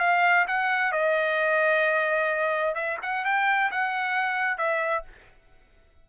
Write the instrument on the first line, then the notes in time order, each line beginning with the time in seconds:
trumpet
0.00 F5
0.48 F#5
0.93 D#5
2.75 E5
3.03 F#5
3.25 G5
3.72 F#5
4.58 E5